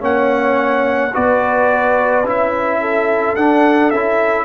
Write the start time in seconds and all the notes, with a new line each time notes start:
0.00 A#3 C#4 C#5 F#5
1.13 B3 F#4 B4 D5
2.24 C#4 E4 E5
2.80 A4
3.35 D4 F#5
3.90 C#4 E4 E5